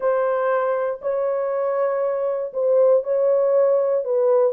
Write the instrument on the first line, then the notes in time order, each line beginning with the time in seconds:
horn
0.00 C5
1.01 C#5
2.53 C5
3.03 C#5
4.04 B4